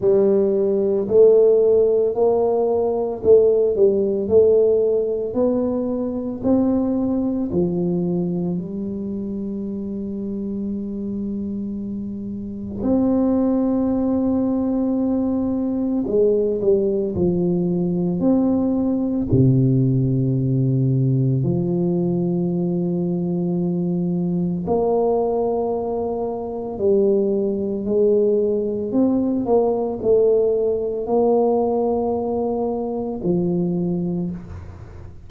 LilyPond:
\new Staff \with { instrumentName = "tuba" } { \time 4/4 \tempo 4 = 56 g4 a4 ais4 a8 g8 | a4 b4 c'4 f4 | g1 | c'2. gis8 g8 |
f4 c'4 c2 | f2. ais4~ | ais4 g4 gis4 c'8 ais8 | a4 ais2 f4 | }